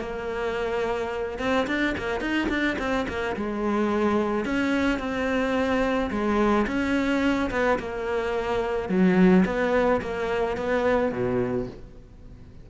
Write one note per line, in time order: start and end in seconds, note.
0.00 1.39 A#3
1.39 1.66 C4
1.67 1.95 D4
1.98 2.20 A#3
2.20 2.48 D#4
2.49 2.77 D4
2.79 3.07 C4
3.08 3.36 A#3
3.36 4.45 G#3
4.45 4.99 C#4
4.99 6.10 C4
6.11 6.66 G#3
6.67 7.50 C#4
7.51 7.78 B3
7.79 8.89 A#3
8.89 9.45 F#3
9.45 10.01 B3
10.01 10.57 A#3
10.57 11.12 B3
11.12 11.67 B2